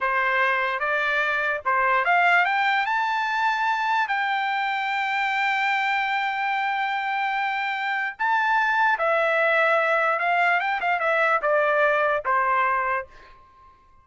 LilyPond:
\new Staff \with { instrumentName = "trumpet" } { \time 4/4 \tempo 4 = 147 c''2 d''2 | c''4 f''4 g''4 a''4~ | a''2 g''2~ | g''1~ |
g''1 | a''2 e''2~ | e''4 f''4 g''8 f''8 e''4 | d''2 c''2 | }